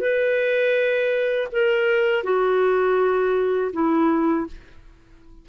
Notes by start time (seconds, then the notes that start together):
0.00 B4
1.52 A#4
2.24 F#4
3.73 E4